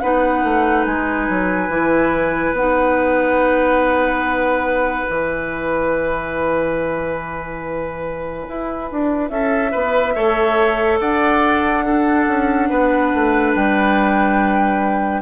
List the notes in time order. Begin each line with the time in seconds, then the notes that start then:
0.00 B3 D#4 B4 F#5
0.44 A3
0.86 G#3 G#5
1.29 F#3
1.69 E3 E4
2.53 B3 D#4 F#5
5.07 E3 E4 G#5
8.49 E4
8.92 D4
9.29 C#4 A4 E5
9.72 B3 B4
10.15 A3 A4 C#5
11.00 D4 D5 F#5
11.85 D4 A4
12.28 C#4
12.69 B3 B4
13.14 A3
13.55 G3 G5